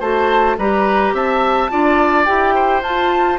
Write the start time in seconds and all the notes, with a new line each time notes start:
0.00 A3 F#4 C5 A5
0.58 G3 G4 B4 A#5
1.13 C4 E5 A5
1.70 D4 F4 D5
2.25 E4 G4 G5
2.55 C5
2.82 F4 A5